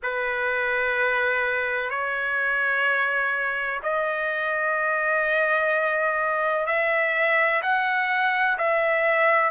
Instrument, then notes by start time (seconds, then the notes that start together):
trumpet
0.03 B4
1.90 C#5
3.83 D#5
6.66 E5
7.62 F#5
8.58 E5